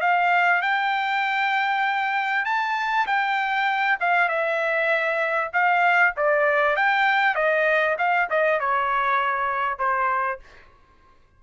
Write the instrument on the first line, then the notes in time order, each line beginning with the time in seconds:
trumpet
0.00 F5
0.61 G5
2.45 A5
3.06 G5
4.00 F5
4.28 E5
5.53 F5
6.16 D5
6.76 G5
7.35 D#5
7.98 F5
8.29 D#5
8.59 C#5
9.78 C5